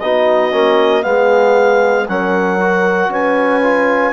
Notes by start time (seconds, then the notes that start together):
0.00 B3 D#4 F#4 D#5
0.52 A#3 C#4
1.03 G#3 B3 G#4 F5
2.09 F#3 C#4 A#4 F#5
2.61 F#4
3.09 C#4 B4 G#5
3.63 F4